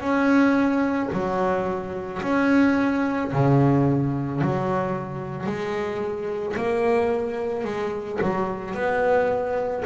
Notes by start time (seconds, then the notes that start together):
0.00 C#4
1.12 F#3
2.22 C#4
3.32 C#3
4.41 F#3
5.46 G#3
6.56 A#3
7.64 G#3
8.22 F#3
8.74 B3